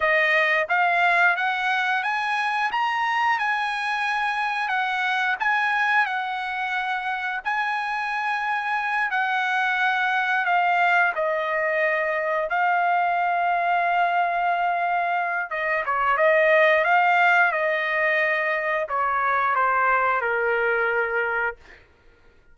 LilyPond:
\new Staff \with { instrumentName = "trumpet" } { \time 4/4 \tempo 4 = 89 dis''4 f''4 fis''4 gis''4 | ais''4 gis''2 fis''4 | gis''4 fis''2 gis''4~ | gis''4. fis''2 f''8~ |
f''8 dis''2 f''4.~ | f''2. dis''8 cis''8 | dis''4 f''4 dis''2 | cis''4 c''4 ais'2 | }